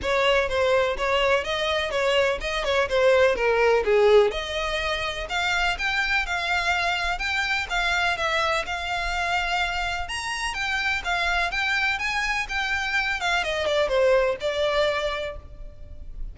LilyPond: \new Staff \with { instrumentName = "violin" } { \time 4/4 \tempo 4 = 125 cis''4 c''4 cis''4 dis''4 | cis''4 dis''8 cis''8 c''4 ais'4 | gis'4 dis''2 f''4 | g''4 f''2 g''4 |
f''4 e''4 f''2~ | f''4 ais''4 g''4 f''4 | g''4 gis''4 g''4. f''8 | dis''8 d''8 c''4 d''2 | }